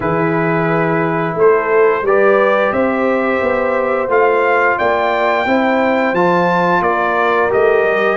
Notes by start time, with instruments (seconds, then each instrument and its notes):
0.00 tuba E3, trombone E4, horn G#4, trumpet B4
1.34 tuba A3, horn A4, trumpet C5
2.01 tuba G3, trombone G4, horn B4, trumpet D5
2.71 tuba C4, horn C5, trumpet E5
3.41 tuba B3
4.08 tuba A3, trombone F4, trumpet F5
4.78 tuba A#3, horn D5, trumpet G5
5.45 tuba C4, trombone E4, horn C5
6.12 tuba F3, trombone F4, trumpet A5
6.80 tuba A#3, horn A#4, trumpet D5
7.49 tuba A3, trombone G4, trumpet D#5
7.83 tuba G3